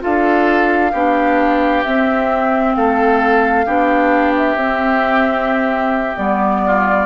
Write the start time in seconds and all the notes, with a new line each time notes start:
0.00 D4 F4 A4 F5
0.92 B3 D4 G4
1.84 C4 E5
2.75 A3 A4 F5
3.66 B3 D4 G4
4.37 E5
4.55 C4
6.16 G3 B3 D5
6.66 F4